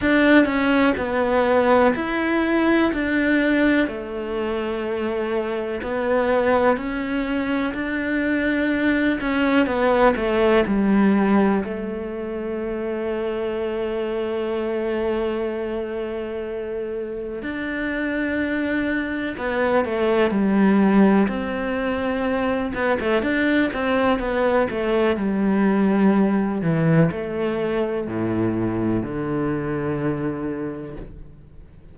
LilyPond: \new Staff \with { instrumentName = "cello" } { \time 4/4 \tempo 4 = 62 d'8 cis'8 b4 e'4 d'4 | a2 b4 cis'4 | d'4. cis'8 b8 a8 g4 | a1~ |
a2 d'2 | b8 a8 g4 c'4. b16 a16 | d'8 c'8 b8 a8 g4. e8 | a4 a,4 d2 | }